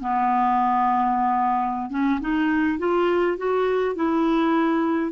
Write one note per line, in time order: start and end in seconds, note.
0.00 1.90 B3
1.90 2.20 C#4
2.21 2.78 D#4
2.78 3.37 F4
3.37 3.96 F#4
3.96 5.12 E4